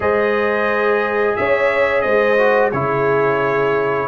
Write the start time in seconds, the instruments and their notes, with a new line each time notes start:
0.00 tuba G#3, trombone G#4, horn C5, trumpet D#5
1.36 tuba C#4, horn C#5, trumpet E5
2.01 tuba G#3, horn C5, trumpet D#5
2.37 trombone F#4
2.71 tuba C#3, trombone E4, horn G#4, trumpet C#5